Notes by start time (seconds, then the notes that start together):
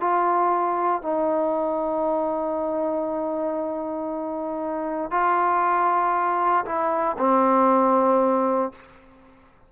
0.00 F4
1.02 D#4
5.11 F4
6.65 E4
7.18 C4